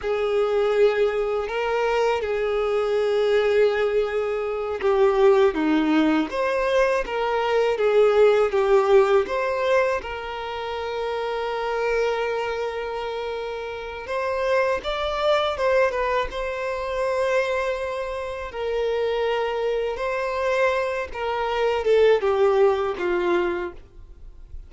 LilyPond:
\new Staff \with { instrumentName = "violin" } { \time 4/4 \tempo 4 = 81 gis'2 ais'4 gis'4~ | gis'2~ gis'8 g'4 dis'8~ | dis'8 c''4 ais'4 gis'4 g'8~ | g'8 c''4 ais'2~ ais'8~ |
ais'2. c''4 | d''4 c''8 b'8 c''2~ | c''4 ais'2 c''4~ | c''8 ais'4 a'8 g'4 f'4 | }